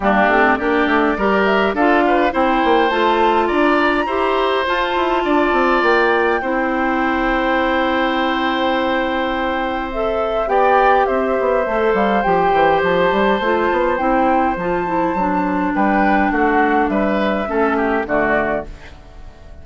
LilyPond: <<
  \new Staff \with { instrumentName = "flute" } { \time 4/4 \tempo 4 = 103 g'4 d''4. e''8 f''4 | g''4 a''4 ais''2 | a''2 g''2~ | g''1~ |
g''4 e''4 g''4 e''4~ | e''8 f''8 g''4 a''2 | g''4 a''2 g''4 | fis''4 e''2 d''4 | }
  \new Staff \with { instrumentName = "oboe" } { \time 4/4 d'4 g'4 ais'4 a'8 b'8 | c''2 d''4 c''4~ | c''4 d''2 c''4~ | c''1~ |
c''2 d''4 c''4~ | c''1~ | c''2. b'4 | fis'4 b'4 a'8 g'8 fis'4 | }
  \new Staff \with { instrumentName = "clarinet" } { \time 4/4 ais8 c'8 d'4 g'4 f'4 | e'4 f'2 g'4 | f'2. e'4~ | e'1~ |
e'4 a'4 g'2 | a'4 g'2 f'4 | e'4 f'8 e'8 d'2~ | d'2 cis'4 a4 | }
  \new Staff \with { instrumentName = "bassoon" } { \time 4/4 g8 a8 ais8 a8 g4 d'4 | c'8 ais8 a4 d'4 e'4 | f'8 e'8 d'8 c'8 ais4 c'4~ | c'1~ |
c'2 b4 c'8 b8 | a8 g8 f8 e8 f8 g8 a8 b8 | c'4 f4 fis4 g4 | a4 g4 a4 d4 | }
>>